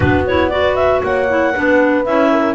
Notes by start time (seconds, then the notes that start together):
0.00 B3 D4 F#4 B4
0.26 E4 C#5
0.49 F#4 B4 D5
0.75 E5
1.03 A#3 C#5 F#5
1.28 E4
1.53 B3 D4 B4
2.05 C#4 E4 E5
2.31 A#4